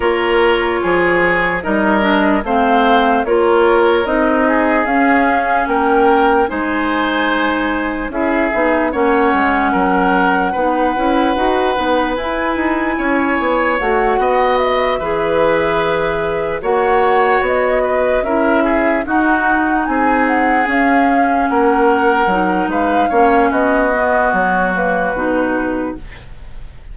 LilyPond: <<
  \new Staff \with { instrumentName = "flute" } { \time 4/4 \tempo 4 = 74 cis''2 dis''4 f''4 | cis''4 dis''4 f''4 g''4 | gis''2 e''4 fis''4~ | fis''2. gis''4~ |
gis''4 fis''4 e''2~ | e''8 fis''4 dis''4 e''4 fis''8~ | fis''8 gis''8 fis''8 f''4 fis''4. | f''4 dis''4 cis''8 b'4. | }
  \new Staff \with { instrumentName = "oboe" } { \time 4/4 ais'4 gis'4 ais'4 c''4 | ais'4. gis'4. ais'4 | c''2 gis'4 cis''4 | ais'4 b'2. |
cis''4. dis''4 b'4.~ | b'8 cis''4. b'8 ais'8 gis'8 fis'8~ | fis'8 gis'2 ais'4. | b'8 cis''8 fis'2. | }
  \new Staff \with { instrumentName = "clarinet" } { \time 4/4 f'2 dis'8 d'8 c'4 | f'4 dis'4 cis'2 | dis'2 e'8 dis'8 cis'4~ | cis'4 dis'8 e'8 fis'8 dis'8 e'4~ |
e'4 fis'4. gis'4.~ | gis'8 fis'2 e'4 dis'8~ | dis'4. cis'2 dis'8~ | dis'8 cis'4 b4 ais8 dis'4 | }
  \new Staff \with { instrumentName = "bassoon" } { \time 4/4 ais4 f4 g4 a4 | ais4 c'4 cis'4 ais4 | gis2 cis'8 b8 ais8 gis8 | fis4 b8 cis'8 dis'8 b8 e'8 dis'8 |
cis'8 b8 a8 b4 e4.~ | e8 ais4 b4 cis'4 dis'8~ | dis'8 c'4 cis'4 ais4 fis8 | gis8 ais8 b4 fis4 b,4 | }
>>